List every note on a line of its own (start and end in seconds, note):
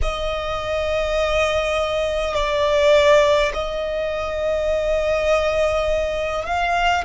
0.02 2.34 D#5
2.34 3.52 D5
3.53 6.45 D#5
6.45 7.04 F5